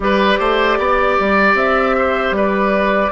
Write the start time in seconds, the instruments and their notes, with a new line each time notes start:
0.00 bassoon G3, clarinet G4, oboe B4, flute D5
0.39 bassoon A3, oboe C5
0.78 bassoon B3, oboe D5
1.19 bassoon G3
1.54 bassoon C4, flute E5
1.97 oboe C5
2.31 bassoon G3, oboe B4
2.37 flute D5